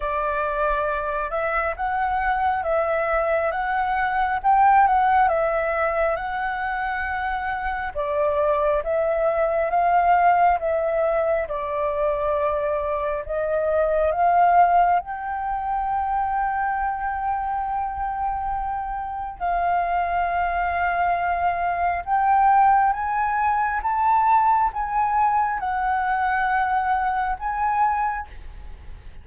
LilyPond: \new Staff \with { instrumentName = "flute" } { \time 4/4 \tempo 4 = 68 d''4. e''8 fis''4 e''4 | fis''4 g''8 fis''8 e''4 fis''4~ | fis''4 d''4 e''4 f''4 | e''4 d''2 dis''4 |
f''4 g''2.~ | g''2 f''2~ | f''4 g''4 gis''4 a''4 | gis''4 fis''2 gis''4 | }